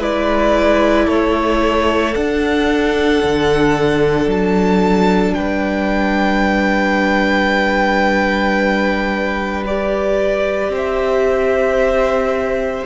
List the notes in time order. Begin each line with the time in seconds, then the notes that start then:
0.00 G#3 E4 B4 D5
1.07 A3 A4 C#5
2.15 D4 F#5
3.24 D3
4.27 F#3 A5
5.35 G3 B4 G5
9.67 G4 D5
10.69 C4 C5
10.77 E5